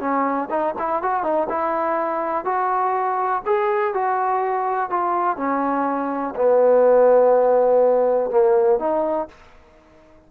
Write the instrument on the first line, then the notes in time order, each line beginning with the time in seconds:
trombone
0.00 C#4
0.50 D#4
0.79 E4
1.02 F#4
1.23 D#4
1.49 E4
2.45 F#4
3.45 G#4
3.94 F#4
4.90 F4
5.37 C#4
6.35 B3
8.30 A#3
8.79 D#4